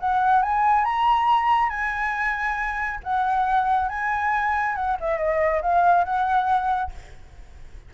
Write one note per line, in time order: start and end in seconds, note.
0.00 0.42 F#5
0.42 0.85 G#5
0.85 1.69 A#5
1.69 3.00 G#5
3.03 3.88 F#5
3.88 4.75 G#5
4.75 4.97 F#5
5.00 5.18 E5
5.18 5.61 D#5
5.62 6.04 F5
6.04 6.91 F#5